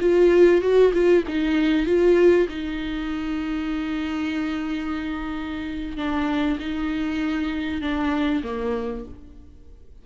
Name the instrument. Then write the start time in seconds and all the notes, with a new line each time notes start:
viola
0.00 F4
0.61 F#4
0.93 F4
1.27 D#4
1.86 F4
2.48 D#4
5.96 D4
6.59 D#4
7.81 D4
8.43 A#3